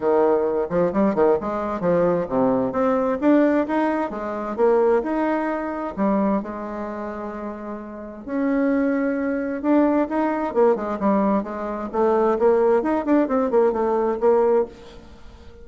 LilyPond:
\new Staff \with { instrumentName = "bassoon" } { \time 4/4 \tempo 4 = 131 dis4. f8 g8 dis8 gis4 | f4 c4 c'4 d'4 | dis'4 gis4 ais4 dis'4~ | dis'4 g4 gis2~ |
gis2 cis'2~ | cis'4 d'4 dis'4 ais8 gis8 | g4 gis4 a4 ais4 | dis'8 d'8 c'8 ais8 a4 ais4 | }